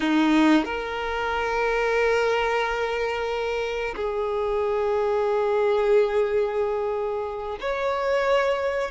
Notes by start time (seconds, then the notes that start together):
0.00 D#4
0.64 A#4
3.96 G#4
7.60 C#5